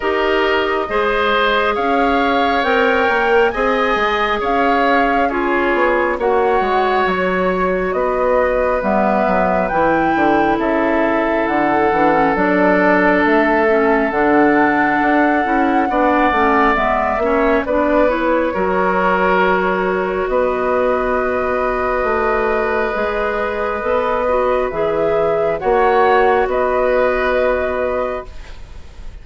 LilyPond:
<<
  \new Staff \with { instrumentName = "flute" } { \time 4/4 \tempo 4 = 68 dis''2 f''4 g''4 | gis''4 f''4 cis''4 fis''4 | cis''4 dis''4 e''4 g''4 | e''4 fis''4 d''4 e''4 |
fis''2. e''4 | d''8 cis''2~ cis''8 dis''4~ | dis''1 | e''4 fis''4 dis''2 | }
  \new Staff \with { instrumentName = "oboe" } { \time 4/4 ais'4 c''4 cis''2 | dis''4 cis''4 gis'4 cis''4~ | cis''4 b'2. | a'1~ |
a'2 d''4. cis''8 | b'4 ais'2 b'4~ | b'1~ | b'4 cis''4 b'2 | }
  \new Staff \with { instrumentName = "clarinet" } { \time 4/4 g'4 gis'2 ais'4 | gis'2 f'4 fis'4~ | fis'2 b4 e'4~ | e'4. d'16 cis'16 d'4. cis'8 |
d'4. e'8 d'8 cis'8 b8 cis'8 | d'8 e'8 fis'2.~ | fis'2 gis'4 a'8 fis'8 | gis'4 fis'2. | }
  \new Staff \with { instrumentName = "bassoon" } { \time 4/4 dis'4 gis4 cis'4 c'8 ais8 | c'8 gis8 cis'4. b8 ais8 gis8 | fis4 b4 g8 fis8 e8 d8 | cis4 d8 e8 fis4 a4 |
d4 d'8 cis'8 b8 a8 gis8 ais8 | b4 fis2 b4~ | b4 a4 gis4 b4 | e4 ais4 b2 | }
>>